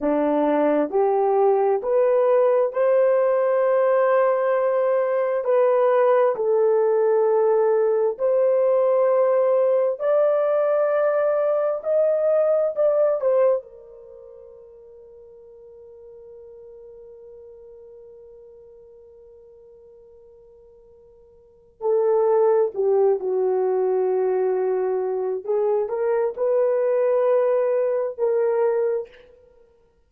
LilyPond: \new Staff \with { instrumentName = "horn" } { \time 4/4 \tempo 4 = 66 d'4 g'4 b'4 c''4~ | c''2 b'4 a'4~ | a'4 c''2 d''4~ | d''4 dis''4 d''8 c''8 ais'4~ |
ais'1~ | ais'1 | a'4 g'8 fis'2~ fis'8 | gis'8 ais'8 b'2 ais'4 | }